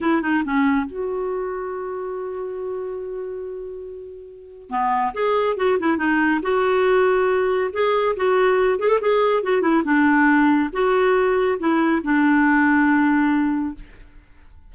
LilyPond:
\new Staff \with { instrumentName = "clarinet" } { \time 4/4 \tempo 4 = 140 e'8 dis'8 cis'4 fis'2~ | fis'1~ | fis'2. b4 | gis'4 fis'8 e'8 dis'4 fis'4~ |
fis'2 gis'4 fis'4~ | fis'8 gis'16 a'16 gis'4 fis'8 e'8 d'4~ | d'4 fis'2 e'4 | d'1 | }